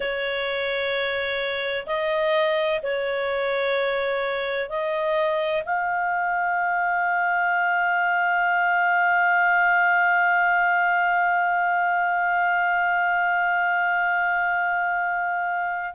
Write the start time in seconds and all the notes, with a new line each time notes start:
0.00 C#5
1.86 D#5
2.83 C#5
4.69 D#5
5.65 F5